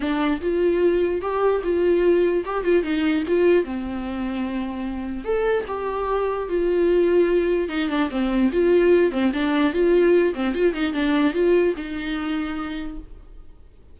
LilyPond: \new Staff \with { instrumentName = "viola" } { \time 4/4 \tempo 4 = 148 d'4 f'2 g'4 | f'2 g'8 f'8 dis'4 | f'4 c'2.~ | c'4 a'4 g'2 |
f'2. dis'8 d'8 | c'4 f'4. c'8 d'4 | f'4. c'8 f'8 dis'8 d'4 | f'4 dis'2. | }